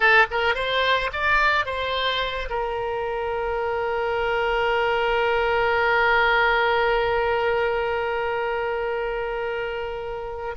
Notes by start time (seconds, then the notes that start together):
0.00 A4
0.30 A#4
0.54 C5
1.12 D5
1.65 C5
2.49 A#4